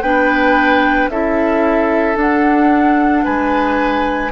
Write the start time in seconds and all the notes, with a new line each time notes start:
0.00 B3 D4 B4 G5
1.08 C#4 E4 A4 E5
2.14 D4 F#5
3.24 G#3 B4 G#5